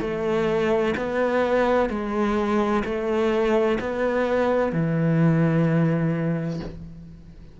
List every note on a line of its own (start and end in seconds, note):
0.00 0.94 A3
0.96 1.89 B3
1.89 2.83 G#3
2.84 3.78 A3
3.80 4.72 B3
4.72 6.60 E3